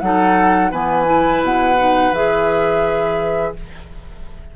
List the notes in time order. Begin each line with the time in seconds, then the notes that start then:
0.00 F#3 D#4 A4 F#5
0.71 E3 B3 B4 G#5
1.05 E4
1.42 B2 F#5
1.77 D#4
2.11 E3 G#4 E5